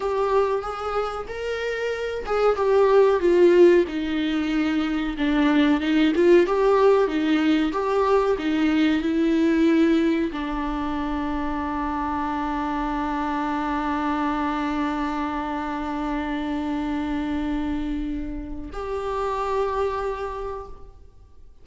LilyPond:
\new Staff \with { instrumentName = "viola" } { \time 4/4 \tempo 4 = 93 g'4 gis'4 ais'4. gis'8 | g'4 f'4 dis'2 | d'4 dis'8 f'8 g'4 dis'4 | g'4 dis'4 e'2 |
d'1~ | d'1~ | d'1~ | d'4 g'2. | }